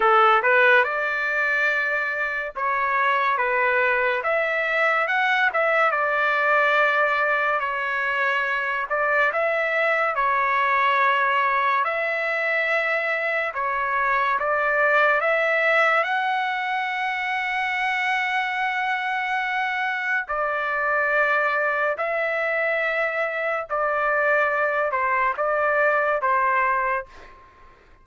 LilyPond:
\new Staff \with { instrumentName = "trumpet" } { \time 4/4 \tempo 4 = 71 a'8 b'8 d''2 cis''4 | b'4 e''4 fis''8 e''8 d''4~ | d''4 cis''4. d''8 e''4 | cis''2 e''2 |
cis''4 d''4 e''4 fis''4~ | fis''1 | d''2 e''2 | d''4. c''8 d''4 c''4 | }